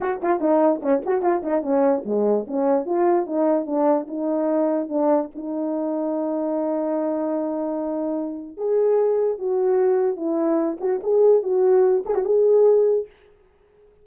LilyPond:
\new Staff \with { instrumentName = "horn" } { \time 4/4 \tempo 4 = 147 fis'8 f'8 dis'4 cis'8 fis'8 f'8 dis'8 | cis'4 gis4 cis'4 f'4 | dis'4 d'4 dis'2 | d'4 dis'2.~ |
dis'1~ | dis'4 gis'2 fis'4~ | fis'4 e'4. fis'8 gis'4 | fis'4. gis'16 fis'16 gis'2 | }